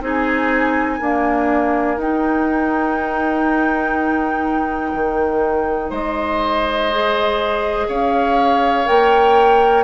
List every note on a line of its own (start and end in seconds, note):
0.00 0.98 C4
0.00 0.99 D#4
0.00 0.98 G#4
0.00 2.00 G#5
0.98 1.99 A#3
0.98 1.97 D4
0.98 5.90 A#4
1.97 4.92 D#4
1.97 6.91 D#4
1.97 5.92 G5
4.93 5.90 D#3
5.90 7.87 G#3
5.90 7.86 C5
5.90 7.88 D#5
6.91 8.85 G#4
7.88 8.86 C#4
7.88 9.83 C#5
7.88 8.87 F5
8.85 9.83 A#3
8.85 9.83 A#4
8.85 9.83 G5